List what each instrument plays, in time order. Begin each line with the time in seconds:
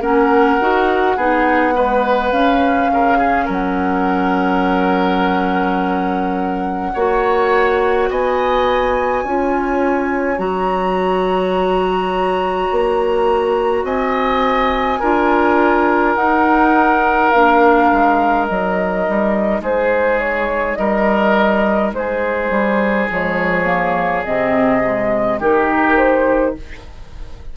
0.00 bassoon A#3, clarinet C#4, oboe A#4, flute F#5
0.60 bassoon D#4, clarinet F#4
1.16 bassoon B3, clarinet D#4, oboe G#4
1.74 clarinet G#3, oboe B4
2.31 bassoon C#4, clarinet C#4, flute F5
2.90 bassoon C#3, oboe A#4
3.18 oboe G#4
3.45 bassoon F#3, oboe A#4, flute F#5
6.94 bassoon A#3, clarinet F#4, oboe C#5
8.10 bassoon B3, oboe D#5, flute G#5
9.24 bassoon C#4, clarinet F4, oboe C#5
10.38 bassoon F#3, clarinet F#4, flute A#5
12.71 bassoon A#3
13.83 bassoon C4, oboe D#5, flute G#5
14.99 bassoon D4, clarinet F4, oboe A#4
16.15 bassoon D#4, clarinet D#4, flute F#5
17.30 bassoon A#3, clarinet D4, flute F5
17.92 bassoon G#3
18.46 bassoon F#3, clarinet D#4, flute D#5
19.08 bassoon G3
19.61 bassoon G#3, oboe G#4, flute C5
20.19 flute C#5
20.75 bassoon G3, oboe A#4, flute D#5
21.92 bassoon G#3, oboe G#4, flute C5
22.50 bassoon G3
23.10 bassoon F3, clarinet G#3, flute C#5
23.65 clarinet A#3
24.24 bassoon C3, clarinet C4, flute D#5
24.83 clarinet G#3
25.38 bassoon D#3, clarinet D#4, oboe G4, flute A#4
25.97 flute C5